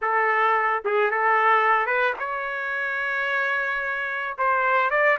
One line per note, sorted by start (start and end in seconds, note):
0.01 0.83 A4
0.84 1.11 G#4
1.11 1.86 A4
1.86 2.13 B4
2.19 4.37 C#5
4.38 4.90 C5
4.90 5.17 D5